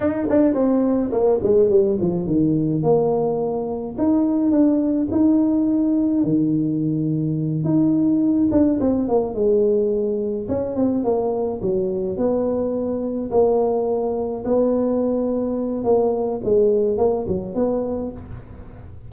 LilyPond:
\new Staff \with { instrumentName = "tuba" } { \time 4/4 \tempo 4 = 106 dis'8 d'8 c'4 ais8 gis8 g8 f8 | dis4 ais2 dis'4 | d'4 dis'2 dis4~ | dis4. dis'4. d'8 c'8 |
ais8 gis2 cis'8 c'8 ais8~ | ais8 fis4 b2 ais8~ | ais4. b2~ b8 | ais4 gis4 ais8 fis8 b4 | }